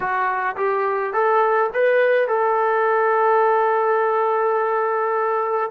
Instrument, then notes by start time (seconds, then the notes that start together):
trombone
0.00 F#4
0.56 G4
1.13 A4
1.73 B4
2.28 A4